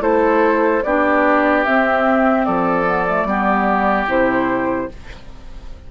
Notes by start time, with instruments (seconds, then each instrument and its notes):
0.00 bassoon A3, clarinet E4, oboe A4, flute C5
0.83 bassoon B3, clarinet D4, oboe G4, flute D5
1.65 clarinet C4, bassoon C4, flute E5
2.45 bassoon F3, oboe A4, flute D5
2.85 clarinet B3
3.07 clarinet A3
3.25 bassoon G3, clarinet B3, oboe G4
4.07 bassoon C3, clarinet E4, flute C5